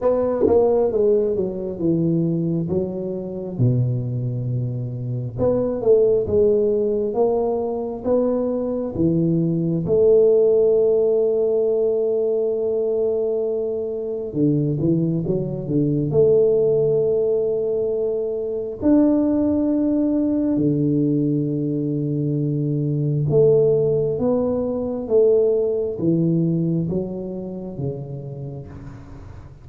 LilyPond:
\new Staff \with { instrumentName = "tuba" } { \time 4/4 \tempo 4 = 67 b8 ais8 gis8 fis8 e4 fis4 | b,2 b8 a8 gis4 | ais4 b4 e4 a4~ | a1 |
d8 e8 fis8 d8 a2~ | a4 d'2 d4~ | d2 a4 b4 | a4 e4 fis4 cis4 | }